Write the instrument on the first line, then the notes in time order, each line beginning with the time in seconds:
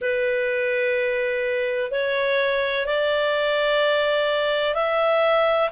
clarinet
0.01 B4
1.91 C#5
2.86 D5
4.74 E5